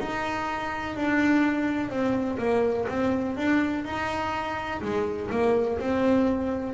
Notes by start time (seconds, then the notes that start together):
0.00 D#4
0.96 D4
1.90 C4
2.39 A#3
2.89 C4
3.37 D4
3.85 D#4
4.82 G#3
5.31 A#3
5.79 C4